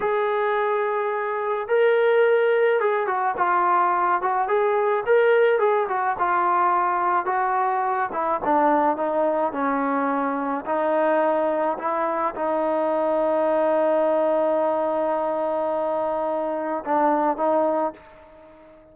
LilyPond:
\new Staff \with { instrumentName = "trombone" } { \time 4/4 \tempo 4 = 107 gis'2. ais'4~ | ais'4 gis'8 fis'8 f'4. fis'8 | gis'4 ais'4 gis'8 fis'8 f'4~ | f'4 fis'4. e'8 d'4 |
dis'4 cis'2 dis'4~ | dis'4 e'4 dis'2~ | dis'1~ | dis'2 d'4 dis'4 | }